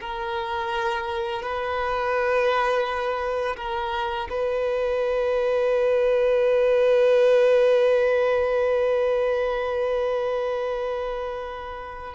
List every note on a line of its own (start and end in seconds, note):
0.00 1.42 A#4
1.42 3.56 B4
3.56 4.28 A#4
4.30 12.14 B4